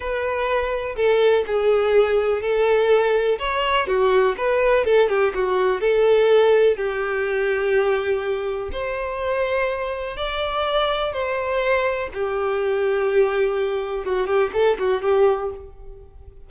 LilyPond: \new Staff \with { instrumentName = "violin" } { \time 4/4 \tempo 4 = 124 b'2 a'4 gis'4~ | gis'4 a'2 cis''4 | fis'4 b'4 a'8 g'8 fis'4 | a'2 g'2~ |
g'2 c''2~ | c''4 d''2 c''4~ | c''4 g'2.~ | g'4 fis'8 g'8 a'8 fis'8 g'4 | }